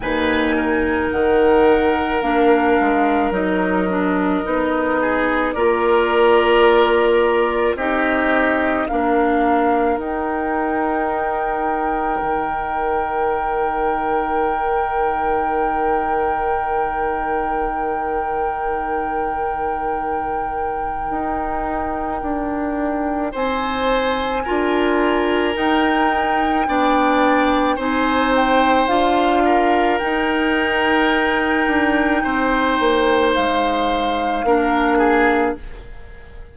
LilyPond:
<<
  \new Staff \with { instrumentName = "flute" } { \time 4/4 \tempo 4 = 54 gis''4 fis''4 f''4 dis''4~ | dis''4 d''2 dis''4 | f''4 g''2.~ | g''1~ |
g''1~ | g''4 gis''2 g''4~ | g''4 gis''8 g''8 f''4 g''4~ | g''2 f''2 | }
  \new Staff \with { instrumentName = "oboe" } { \time 4/4 b'8 ais'2.~ ais'8~ | ais'8 gis'8 ais'2 g'4 | ais'1~ | ais'1~ |
ais'1~ | ais'4 c''4 ais'2 | d''4 c''4. ais'4.~ | ais'4 c''2 ais'8 gis'8 | }
  \new Staff \with { instrumentName = "clarinet" } { \time 4/4 dis'2 d'4 dis'8 d'8 | dis'4 f'2 dis'4 | d'4 dis'2.~ | dis'1~ |
dis'1~ | dis'2 f'4 dis'4 | d'4 dis'4 f'4 dis'4~ | dis'2. d'4 | }
  \new Staff \with { instrumentName = "bassoon" } { \time 4/4 dis,4 dis4 ais8 gis8 fis4 | b4 ais2 c'4 | ais4 dis'2 dis4~ | dis1~ |
dis2. dis'4 | d'4 c'4 d'4 dis'4 | b4 c'4 d'4 dis'4~ | dis'8 d'8 c'8 ais8 gis4 ais4 | }
>>